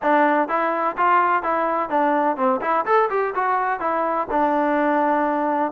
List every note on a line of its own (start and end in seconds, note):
0.02 0.48 D4
0.48 0.95 E4
0.97 1.42 F4
1.42 1.89 E4
1.89 2.36 D4
2.36 2.60 C4
2.61 2.85 E4
2.85 3.09 A4
3.10 3.34 G4
3.34 3.80 F#4
3.80 4.27 E4
4.31 5.71 D4